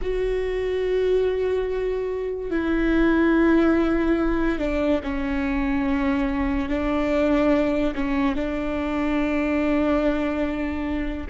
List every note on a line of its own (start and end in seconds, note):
0.01 2.50 F#4
2.50 4.58 E4
4.58 5.00 D4
5.03 6.69 C#4
6.69 7.94 D4
7.94 8.35 C#4
8.35 11.27 D4